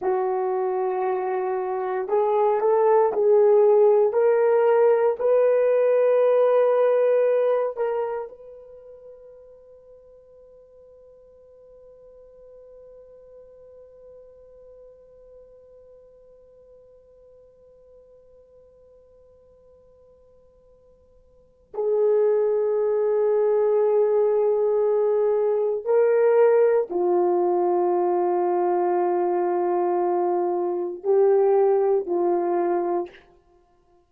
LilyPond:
\new Staff \with { instrumentName = "horn" } { \time 4/4 \tempo 4 = 58 fis'2 gis'8 a'8 gis'4 | ais'4 b'2~ b'8 ais'8 | b'1~ | b'1~ |
b'1~ | b'4 gis'2.~ | gis'4 ais'4 f'2~ | f'2 g'4 f'4 | }